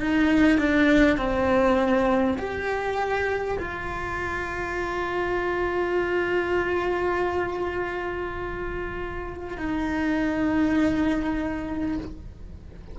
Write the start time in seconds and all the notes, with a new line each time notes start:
0.00 D#4
0.58 D4
1.17 C4
2.38 G4
3.58 F4
9.57 D#4